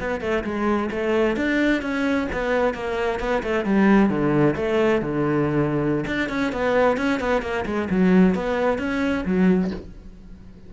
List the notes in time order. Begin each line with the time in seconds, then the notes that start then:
0.00 B3
0.21 A3
0.44 G#3
0.91 A3
1.36 D4
1.82 C#4
2.32 B3
2.74 A#3
3.19 B3
3.43 A3
3.65 G3
4.09 D3
4.56 A3
5.02 D3
6.07 D4
6.29 C#4
6.52 B3
6.97 C#4
7.20 B3
7.42 A#3
7.65 G#3
7.90 F#3
8.35 B3
8.78 C#4
9.25 F#3